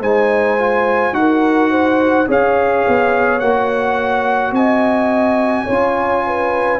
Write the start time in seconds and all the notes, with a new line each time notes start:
0.00 G#3 D#4 C5 G#5
0.58 F4
1.12 D#4 F#4 F#5
1.18 A#4
1.71 C5
2.27 C#4 G#4 C#5 F5
2.87 B3
3.39 A#3 F#4 F#5
4.52 C4 D#5 G#5
5.64 C#4 F4 C#5
6.26 B4